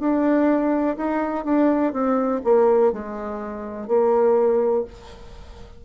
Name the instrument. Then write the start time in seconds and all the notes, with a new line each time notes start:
bassoon
0.00 D4
0.97 D#4
1.45 D4
1.93 C4
2.45 A#3
2.93 G#3
3.88 A#3